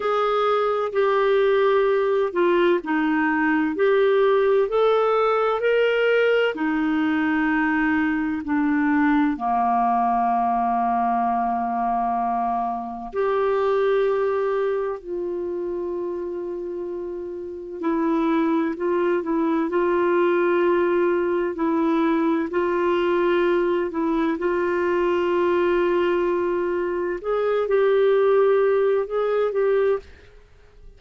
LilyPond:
\new Staff \with { instrumentName = "clarinet" } { \time 4/4 \tempo 4 = 64 gis'4 g'4. f'8 dis'4 | g'4 a'4 ais'4 dis'4~ | dis'4 d'4 ais2~ | ais2 g'2 |
f'2. e'4 | f'8 e'8 f'2 e'4 | f'4. e'8 f'2~ | f'4 gis'8 g'4. gis'8 g'8 | }